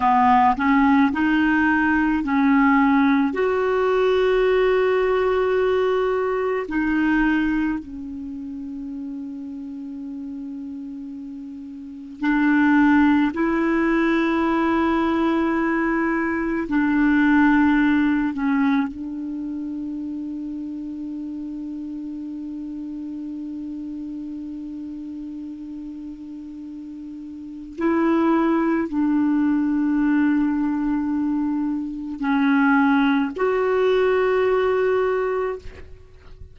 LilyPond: \new Staff \with { instrumentName = "clarinet" } { \time 4/4 \tempo 4 = 54 b8 cis'8 dis'4 cis'4 fis'4~ | fis'2 dis'4 cis'4~ | cis'2. d'4 | e'2. d'4~ |
d'8 cis'8 d'2.~ | d'1~ | d'4 e'4 d'2~ | d'4 cis'4 fis'2 | }